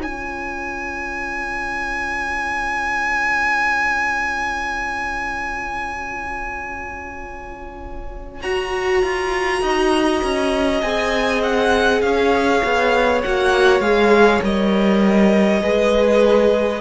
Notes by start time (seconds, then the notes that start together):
0.00 C#4 F4 C#5 G#5
8.41 F#4 A#5
9.03 F4
9.61 D#4 D#5
10.23 C#4
10.81 C4 G#4 G#5
11.43 F#5
12.01 C#4 C#5 F5
12.63 B3
13.22 A#3 F#4 F#5
13.80 G#3 G#4 F5
14.41 G3 A#4 D#5
15.61 G#3 G#4 B4